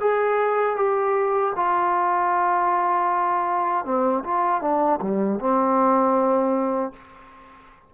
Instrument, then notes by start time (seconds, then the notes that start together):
trombone
0.00 G#4
0.76 G4
1.56 F4
3.85 C4
4.24 F4
4.61 D4
5.01 G3
5.39 C4